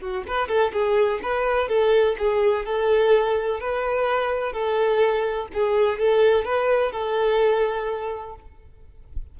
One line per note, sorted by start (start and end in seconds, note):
0.00 0.24 F#4
0.27 0.48 B4
0.48 0.72 A4
0.73 1.20 G#4
1.22 1.68 B4
1.68 2.16 A4
2.18 2.65 G#4
2.65 3.60 A4
3.60 4.53 B4
4.53 5.48 A4
5.53 5.98 G#4
5.98 6.45 A4
6.45 6.92 B4
6.92 8.35 A4